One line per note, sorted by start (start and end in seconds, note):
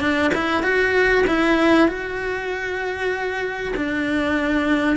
0.00 0.31 D4
0.34 0.62 E4
0.62 1.24 F#4
1.26 1.88 E4
1.88 3.73 F#4
3.76 4.96 D4